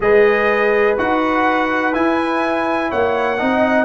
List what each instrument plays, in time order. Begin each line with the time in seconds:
0.00 tuba G#3, trombone G#4, horn B4, trumpet D#5
0.97 tuba D#4, trombone F#4, trumpet F#5
1.93 trombone E4, tuba E4, trumpet G#5
2.90 tuba A#3, horn C#5, trumpet F#5
3.39 tuba C4, trombone D#4, horn D#5